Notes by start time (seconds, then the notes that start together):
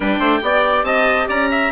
0.00 G3 D4 B4 G5
0.19 A3 C5
0.41 B3 G4 D5
0.83 C4 D#5 A5
1.28 C#4 D5 A#5
1.51 E5